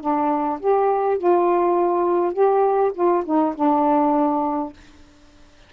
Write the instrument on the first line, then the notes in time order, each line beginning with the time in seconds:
saxophone
0.00 D4
0.59 G4
1.17 F4
2.33 G4
2.94 F4
3.25 D#4
3.55 D4